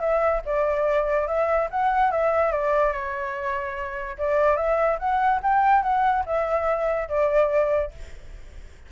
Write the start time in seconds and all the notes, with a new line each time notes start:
0.00 E5
0.45 D5
1.27 E5
1.71 F#5
2.11 E5
2.52 D5
2.92 C#5
4.18 D5
4.56 E5
4.99 F#5
5.42 G5
5.83 F#5
6.26 E5
7.08 D5